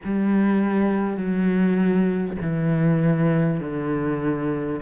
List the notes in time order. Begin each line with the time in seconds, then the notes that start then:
0.04 G3
1.17 F#3
2.41 E3
3.59 D3